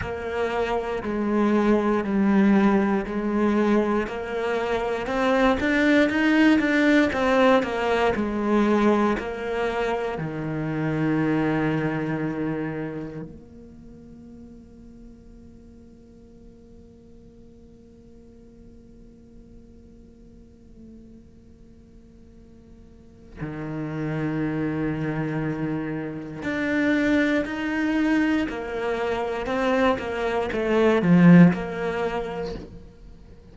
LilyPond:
\new Staff \with { instrumentName = "cello" } { \time 4/4 \tempo 4 = 59 ais4 gis4 g4 gis4 | ais4 c'8 d'8 dis'8 d'8 c'8 ais8 | gis4 ais4 dis2~ | dis4 ais2.~ |
ais1~ | ais2. dis4~ | dis2 d'4 dis'4 | ais4 c'8 ais8 a8 f8 ais4 | }